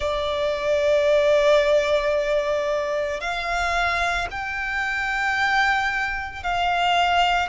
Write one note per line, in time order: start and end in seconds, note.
0.00 3.20 D5
3.20 4.27 F5
4.31 6.43 G5
6.43 7.49 F5